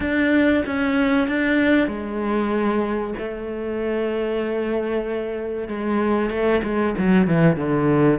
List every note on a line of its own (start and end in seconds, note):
0.00 0.63 D4
0.65 1.27 C#4
1.27 1.87 D4
1.87 3.14 G#3
3.18 5.68 A3
5.68 6.30 G#3
6.30 6.61 A3
6.63 6.94 G#3
6.98 7.27 F#3
7.27 7.56 E3
7.56 8.19 D3